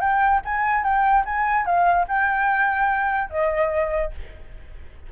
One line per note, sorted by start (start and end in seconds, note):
0.00 0.41 G5
0.45 0.83 G#5
0.83 1.24 G5
1.25 1.65 G#5
1.65 2.06 F5
2.08 3.29 G5
3.29 4.11 D#5